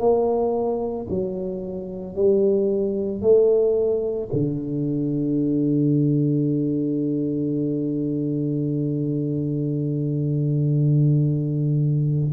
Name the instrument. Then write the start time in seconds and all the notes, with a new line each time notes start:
tuba
0.00 A#3
1.10 F#3
2.16 G3
3.22 A3
4.33 D3